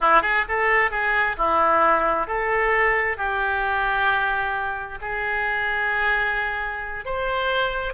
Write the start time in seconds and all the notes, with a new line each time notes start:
0.01 E4
0.22 G#4
0.48 A4
0.90 G#4
1.37 E4
2.27 A4
3.17 G4
5.01 G#4
7.05 C5